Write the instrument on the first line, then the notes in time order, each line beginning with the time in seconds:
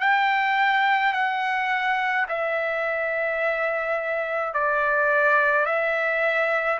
trumpet
0.00 G5
1.13 F#5
2.28 E5
4.53 D5
5.66 E5